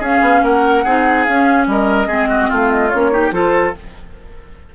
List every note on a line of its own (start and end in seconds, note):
0.00 0.21 C#4
0.00 0.85 C#4
0.00 0.42 G#4
0.00 0.44 F5
0.21 0.42 B3
0.43 0.84 A#3
0.43 0.84 A#4
0.43 1.24 F#5
0.84 1.27 C4
0.84 1.28 D#4
0.84 1.67 G#4
1.24 1.67 C#4
1.24 2.08 C#4
1.24 1.66 F5
1.67 2.07 G3
1.67 2.08 A#4
1.67 2.52 D#5
2.07 2.48 G#3
2.07 2.91 C4
2.07 2.29 G#4
2.29 2.49 F#4
2.49 2.94 A3
2.49 3.11 F4
2.49 2.72 F5
2.72 2.90 D#5
2.90 3.32 A#3
2.90 3.12 C#4
2.90 3.31 C#5
3.12 3.32 D#4
3.12 3.34 G4
3.32 3.73 F3
3.32 3.74 F4
3.32 3.75 A4
3.32 3.75 C5